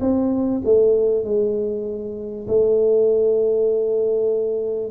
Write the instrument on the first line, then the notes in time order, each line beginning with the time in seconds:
tuba
0.00 C4
0.64 A3
1.24 G#3
2.47 A3